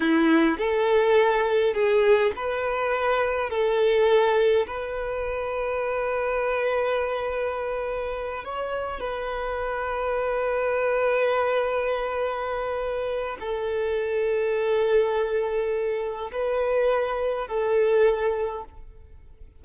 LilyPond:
\new Staff \with { instrumentName = "violin" } { \time 4/4 \tempo 4 = 103 e'4 a'2 gis'4 | b'2 a'2 | b'1~ | b'2~ b'8 cis''4 b'8~ |
b'1~ | b'2. a'4~ | a'1 | b'2 a'2 | }